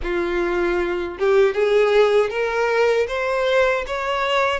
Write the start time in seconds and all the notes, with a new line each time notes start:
0.02 F4
1.18 G4
1.54 G#4
2.29 A#4
3.07 C5
3.86 C#5